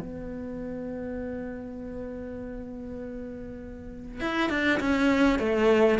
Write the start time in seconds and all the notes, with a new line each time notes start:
0.00 B3
4.20 E4
4.49 D4
4.79 C#4
5.39 A3